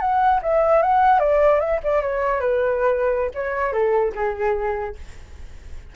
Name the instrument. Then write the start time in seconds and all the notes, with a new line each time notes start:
flute
0.00 F#5
0.42 E5
0.82 F#5
1.19 D5
1.60 E5
1.83 D5
2.02 C#5
2.40 B4
3.34 C#5
3.72 A4
4.15 G#4